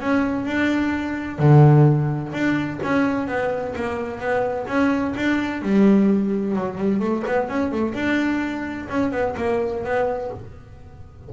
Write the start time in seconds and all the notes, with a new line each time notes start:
0.00 C#4
0.45 D4
1.38 D3
2.32 D4
2.83 C#4
3.27 B3
3.75 A#3
4.20 B3
4.67 C#4
5.16 D4
5.62 G3
6.56 F#3
6.77 G3
7.00 A3
7.27 B3
7.49 C#4
7.71 A3
7.94 D4
8.89 C#4
9.11 B3
9.36 A#3
9.84 B3